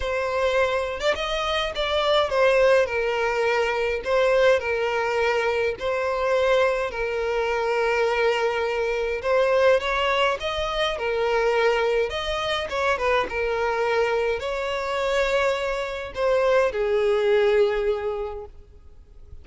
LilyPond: \new Staff \with { instrumentName = "violin" } { \time 4/4 \tempo 4 = 104 c''4.~ c''16 d''16 dis''4 d''4 | c''4 ais'2 c''4 | ais'2 c''2 | ais'1 |
c''4 cis''4 dis''4 ais'4~ | ais'4 dis''4 cis''8 b'8 ais'4~ | ais'4 cis''2. | c''4 gis'2. | }